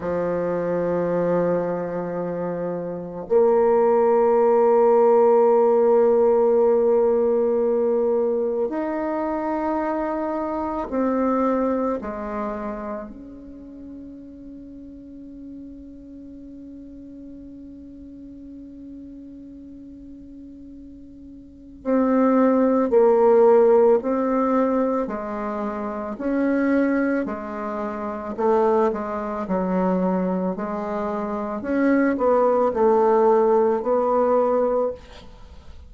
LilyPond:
\new Staff \with { instrumentName = "bassoon" } { \time 4/4 \tempo 4 = 55 f2. ais4~ | ais1 | dis'2 c'4 gis4 | cis'1~ |
cis'1 | c'4 ais4 c'4 gis4 | cis'4 gis4 a8 gis8 fis4 | gis4 cis'8 b8 a4 b4 | }